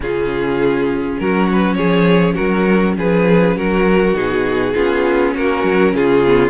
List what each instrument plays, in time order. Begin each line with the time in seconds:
0.00 cello C#3, viola C#4, violin F4 G#4
1.19 cello F#3, violin F#4 A#4
1.52 violin B4
1.74 cello F3, violin G#4 C#5
2.34 cello F#3, violin F#4 A#4
2.96 cello F3, violin G#4 B4
3.55 cello F#3, violin F#4 A#4
4.14 cello B2, viola D#4, violin G#4
4.74 cello B3, viola C#4, violin F4
5.34 cello A#3, violin F#4 A#4
5.63 cello F#3
5.93 cello C#3, violin F4 G#4
6.26 viola B3